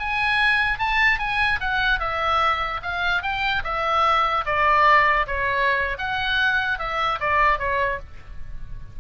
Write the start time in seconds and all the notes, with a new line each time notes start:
0.00 G#5
0.79 A5
1.19 G#5
1.61 F#5
2.00 E5
2.83 F5
3.23 G5
3.64 E5
4.46 D5
5.27 C#5
5.98 F#5
6.79 E5
7.21 D5
7.59 C#5